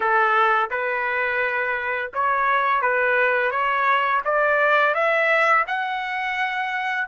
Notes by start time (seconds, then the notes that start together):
0.00 A4
0.70 B4
2.13 C#5
2.81 B4
3.51 C#5
4.24 D5
4.94 E5
5.67 F#5